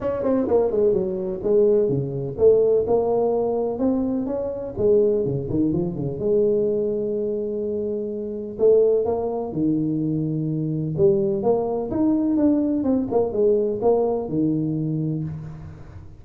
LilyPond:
\new Staff \with { instrumentName = "tuba" } { \time 4/4 \tempo 4 = 126 cis'8 c'8 ais8 gis8 fis4 gis4 | cis4 a4 ais2 | c'4 cis'4 gis4 cis8 dis8 | f8 cis8 gis2.~ |
gis2 a4 ais4 | dis2. g4 | ais4 dis'4 d'4 c'8 ais8 | gis4 ais4 dis2 | }